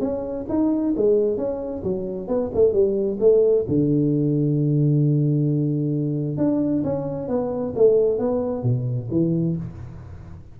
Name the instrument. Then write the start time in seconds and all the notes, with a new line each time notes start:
tuba
0.00 C#4
0.49 D#4
0.96 G#3
1.37 C#4
1.83 F#3
2.27 B3
2.54 A3
2.73 G3
3.20 A3
3.68 D3
6.37 D4
6.84 C#4
7.28 B3
7.76 A3
8.18 B3
8.63 B2
9.11 E3